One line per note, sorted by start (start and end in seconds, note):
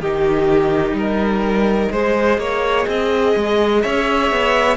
0.00 0.92 D#3
0.00 1.91 D#4
0.00 0.96 G4
0.00 3.81 D#5
0.92 1.87 G3
0.92 1.92 A#4
1.91 2.38 G#3
1.91 4.77 G#4
1.91 2.39 C5
2.38 2.86 A#3
2.38 2.87 C#5
2.87 3.34 C4
2.87 3.83 D#5
3.36 3.83 G#3
3.81 4.31 C#4
3.81 4.77 C#5
3.81 4.76 E5
4.31 4.77 B3